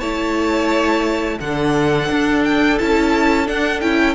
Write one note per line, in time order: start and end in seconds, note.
0.00 1.39 A3
0.00 1.40 E4
0.00 1.38 C#5
0.00 1.38 A5
1.40 2.09 D3
1.40 2.79 D4
1.40 4.15 A4
1.40 2.44 F#5
2.11 2.80 D4
2.44 2.78 G5
2.78 3.48 C#4
2.78 3.46 E4
2.78 3.47 A5
3.46 3.81 D4
3.46 3.82 D4
3.46 3.80 F#5
3.80 4.15 C#4
3.80 4.15 E4
3.80 4.15 G5